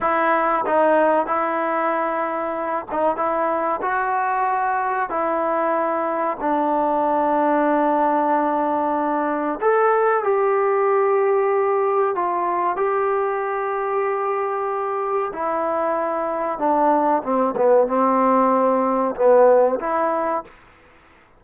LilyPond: \new Staff \with { instrumentName = "trombone" } { \time 4/4 \tempo 4 = 94 e'4 dis'4 e'2~ | e'8 dis'8 e'4 fis'2 | e'2 d'2~ | d'2. a'4 |
g'2. f'4 | g'1 | e'2 d'4 c'8 b8 | c'2 b4 e'4 | }